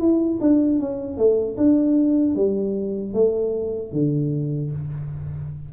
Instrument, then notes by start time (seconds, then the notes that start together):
tuba
0.00 E4
0.41 D4
0.80 C#4
1.18 A3
1.58 D4
2.36 G3
3.14 A3
3.93 D3